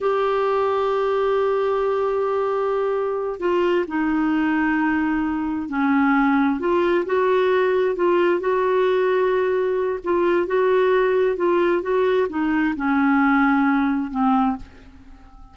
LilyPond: \new Staff \with { instrumentName = "clarinet" } { \time 4/4 \tempo 4 = 132 g'1~ | g'2.~ g'8 f'8~ | f'8 dis'2.~ dis'8~ | dis'8 cis'2 f'4 fis'8~ |
fis'4. f'4 fis'4.~ | fis'2 f'4 fis'4~ | fis'4 f'4 fis'4 dis'4 | cis'2. c'4 | }